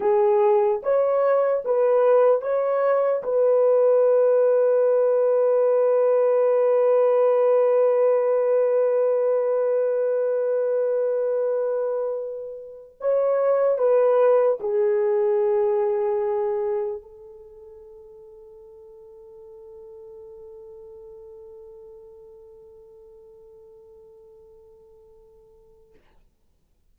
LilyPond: \new Staff \with { instrumentName = "horn" } { \time 4/4 \tempo 4 = 74 gis'4 cis''4 b'4 cis''4 | b'1~ | b'1~ | b'1 |
cis''4 b'4 gis'2~ | gis'4 a'2.~ | a'1~ | a'1 | }